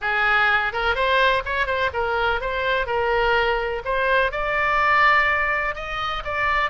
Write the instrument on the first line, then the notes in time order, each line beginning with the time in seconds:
oboe
0.01 G#4
0.72 A#4
0.95 C5
1.45 C#5
1.66 C5
1.93 A#4
2.40 C5
2.86 A#4
3.84 C5
4.31 D5
5.75 D#5
6.24 D5